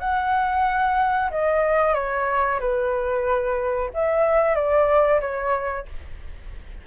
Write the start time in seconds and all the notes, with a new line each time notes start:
0.00 F#5
1.31 D#5
1.94 C#5
2.60 B4
3.94 E5
4.55 D5
5.21 C#5